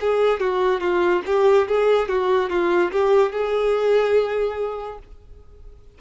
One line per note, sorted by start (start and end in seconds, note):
0.00 0.40 G#4
0.40 0.80 F#4
0.80 1.22 F4
1.26 1.67 G4
1.68 2.08 G#4
2.08 2.49 F#4
2.49 2.91 F4
2.91 3.32 G4
3.32 4.98 G#4